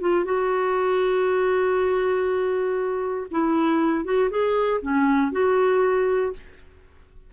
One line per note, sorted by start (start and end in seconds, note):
0.00 0.25 F4
0.25 3.27 F#4
3.31 4.04 E4
4.04 4.29 F#4
4.30 4.80 G#4
4.82 5.32 C#4
5.32 6.33 F#4